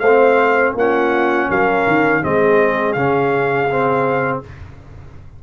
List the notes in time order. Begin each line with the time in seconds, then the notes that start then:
0.00 A3 C5 F5
0.07 C4
0.75 A#3 C#4 F4 F#5
1.49 F#3 A#4 F5
1.87 D#3
2.23 G#3 C4 G#4 D#5
2.93 C#3 C#4 F5
3.70 C4